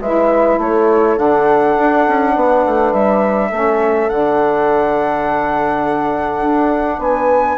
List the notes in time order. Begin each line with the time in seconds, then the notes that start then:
0.00 G#3 E4 B4 E5
0.58 A3 A4 C#5
1.17 D3 D4 F#5
1.78 D4
2.07 C#4
2.35 B3 B4
2.65 A3
2.93 G3 E5
3.50 A3 C#4 A4
4.09 D3 D4 F#5
6.41 D4
6.98 B3 B4 G#5